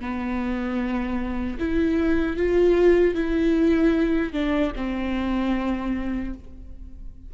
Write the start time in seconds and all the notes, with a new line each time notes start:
0.00 B3
1.59 E4
2.36 F4
3.14 E4
4.33 D4
4.76 C4